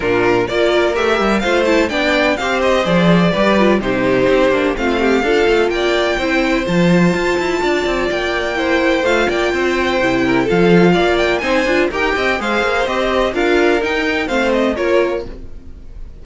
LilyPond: <<
  \new Staff \with { instrumentName = "violin" } { \time 4/4 \tempo 4 = 126 ais'4 d''4 e''4 f''8 a''8 | g''4 f''8 dis''8 d''2 | c''2 f''2 | g''2 a''2~ |
a''4 g''2 f''8 g''8~ | g''2 f''4. g''8 | gis''4 g''4 f''4 dis''4 | f''4 g''4 f''8 dis''8 cis''4 | }
  \new Staff \with { instrumentName = "violin" } { \time 4/4 f'4 ais'2 c''4 | d''4 c''2 b'4 | g'2 f'8 g'8 a'4 | d''4 c''2. |
d''2 c''4. d''8 | c''4. ais'8 a'4 d''4 | c''4 ais'8 dis''8 c''2 | ais'2 c''4 ais'4 | }
  \new Staff \with { instrumentName = "viola" } { \time 4/4 d'4 f'4 g'4 f'8 e'8 | d'4 g'4 gis'4 g'8 f'8 | dis'4. d'8 c'4 f'4~ | f'4 e'4 f'2~ |
f'2 e'4 f'4~ | f'4 e'4 f'2 | dis'8 f'8 g'4 gis'4 g'4 | f'4 dis'4 c'4 f'4 | }
  \new Staff \with { instrumentName = "cello" } { \time 4/4 ais,4 ais4 a8 g8 a4 | b4 c'4 f4 g4 | c4 c'8 ais8 a4 d'8 a8 | ais4 c'4 f4 f'8 e'8 |
d'8 c'8 ais2 a8 ais8 | c'4 c4 f4 ais4 | c'8 d'8 dis'8 c'8 gis8 ais8 c'4 | d'4 dis'4 a4 ais4 | }
>>